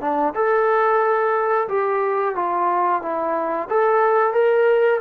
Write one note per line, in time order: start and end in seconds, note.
0.00 0.33 D4
0.35 1.68 A4
1.68 2.35 G4
2.35 3.02 F4
3.02 3.68 E4
3.69 4.33 A4
4.33 5.00 A#4